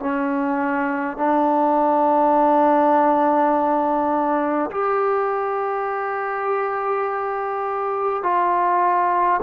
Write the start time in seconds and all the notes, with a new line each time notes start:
0.00 C#4
1.18 D4
4.71 G4
8.24 F4